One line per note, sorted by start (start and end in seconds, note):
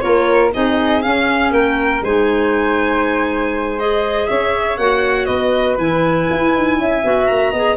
0.00 0.53 A#3
0.00 0.51 F4
0.00 0.53 A#4
0.00 0.50 C#5
0.53 1.06 C4
0.53 1.03 D#4
0.53 1.54 G#4
0.53 1.02 D#5
1.02 2.03 C#4
1.02 1.51 C#4
1.02 1.52 F5
1.51 2.01 A#3
1.51 2.04 A#4
1.51 2.03 G5
2.02 4.27 G#3
2.02 3.79 D#4
2.02 4.29 C5
2.02 3.79 G#5
3.79 4.79 G#4
3.79 4.29 D#5
4.29 4.78 C#4
4.29 5.27 C#5
4.29 4.78 E5
4.78 5.28 A#3
4.78 5.79 F#4
4.78 5.26 F#5
5.26 5.78 B3
5.26 6.77 B4
5.26 5.76 D#5
5.78 6.28 E3
5.78 7.04 E4
5.78 7.27 G#5
6.31 6.55 E4
6.55 6.78 D#4
6.78 7.03 C#4
6.78 7.51 E5
7.04 7.29 B3
7.04 7.54 F#4
7.27 7.53 A#3
7.27 7.77 A#5
7.51 7.77 B3
7.51 7.77 G#4
7.51 7.76 D#5